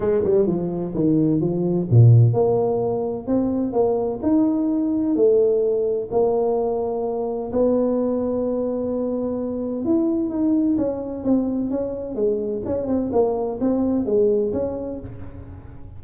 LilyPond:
\new Staff \with { instrumentName = "tuba" } { \time 4/4 \tempo 4 = 128 gis8 g8 f4 dis4 f4 | ais,4 ais2 c'4 | ais4 dis'2 a4~ | a4 ais2. |
b1~ | b4 e'4 dis'4 cis'4 | c'4 cis'4 gis4 cis'8 c'8 | ais4 c'4 gis4 cis'4 | }